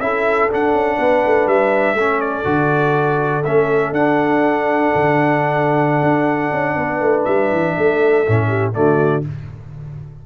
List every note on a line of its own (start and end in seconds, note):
0.00 0.49 C#4
0.00 0.50 E4
0.00 0.97 A4
0.00 0.50 E5
0.50 1.97 D4
0.50 0.74 D4
0.50 1.48 F#5
0.74 0.98 C#4
0.97 1.24 B3
0.97 1.96 B4
1.26 1.47 A3
1.47 1.94 G3
1.47 2.21 E5
1.94 2.43 A3
1.94 2.44 C#4
1.94 6.78 A4
2.21 3.44 D5
2.44 3.44 D3
2.44 3.43 F#4
3.44 3.92 A3
3.44 3.96 C#4
3.44 3.94 E5
3.92 4.90 D4
3.92 8.26 D4
3.92 7.24 F#5
4.95 6.02 D3
6.02 6.52 D4
6.53 6.76 C#4
6.76 7.01 B3
6.76 7.77 B4
7.01 7.26 A3
7.24 7.52 G3
7.24 8.72 E5
7.52 7.76 E3
7.78 8.27 A3
7.78 8.48 A4
8.27 8.77 A2
8.27 8.73 C#4
8.48 8.73 G4
8.73 9.26 D3
8.73 9.22 A3
8.73 9.26 F#4
8.73 9.24 D5